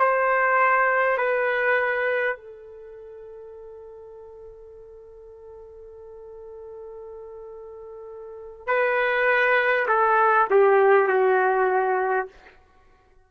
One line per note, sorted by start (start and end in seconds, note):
0.00 1.18 C5
1.18 2.37 B4
2.37 8.67 A4
8.67 9.87 B4
9.88 10.48 A4
10.51 11.09 G4
11.09 12.29 F#4